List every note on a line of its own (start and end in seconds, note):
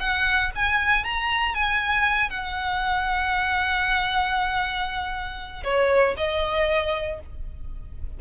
0.00 0.51 F#5
0.55 1.04 G#5
1.04 1.55 A#5
1.55 2.30 G#5
2.30 5.63 F#5
5.64 6.15 C#5
6.17 7.20 D#5